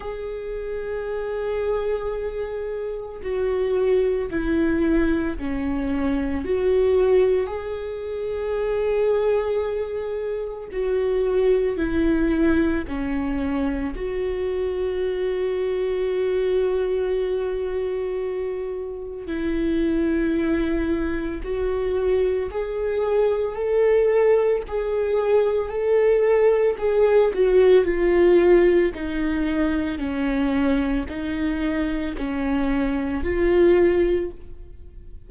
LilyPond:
\new Staff \with { instrumentName = "viola" } { \time 4/4 \tempo 4 = 56 gis'2. fis'4 | e'4 cis'4 fis'4 gis'4~ | gis'2 fis'4 e'4 | cis'4 fis'2.~ |
fis'2 e'2 | fis'4 gis'4 a'4 gis'4 | a'4 gis'8 fis'8 f'4 dis'4 | cis'4 dis'4 cis'4 f'4 | }